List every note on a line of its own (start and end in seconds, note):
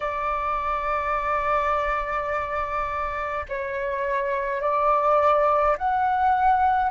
0.00 3.45 D5
3.49 4.61 C#5
4.61 5.76 D5
5.77 6.90 F#5